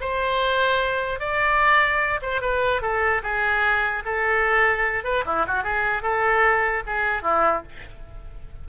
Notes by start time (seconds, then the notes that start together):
0.00 C5
1.19 D5
2.21 C5
2.41 B4
2.81 A4
3.22 G#4
4.05 A4
5.04 B4
5.25 E4
5.47 F#4
5.63 G#4
6.02 A4
6.86 G#4
7.22 E4